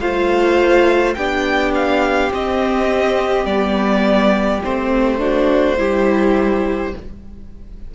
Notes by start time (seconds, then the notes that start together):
0.00 A3 F4 C5 F5
1.14 B3 D4 G4 G5
1.75 F5
2.31 C4 D#5
3.45 G3 B3 D5
4.64 A3 C4 C5
5.19 D4 F#4
5.77 G3 E4 G4